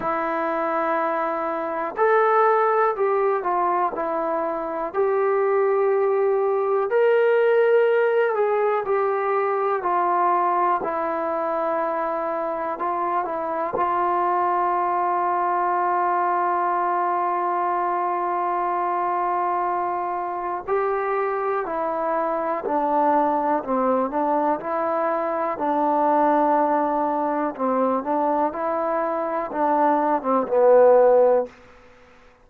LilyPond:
\new Staff \with { instrumentName = "trombone" } { \time 4/4 \tempo 4 = 61 e'2 a'4 g'8 f'8 | e'4 g'2 ais'4~ | ais'8 gis'8 g'4 f'4 e'4~ | e'4 f'8 e'8 f'2~ |
f'1~ | f'4 g'4 e'4 d'4 | c'8 d'8 e'4 d'2 | c'8 d'8 e'4 d'8. c'16 b4 | }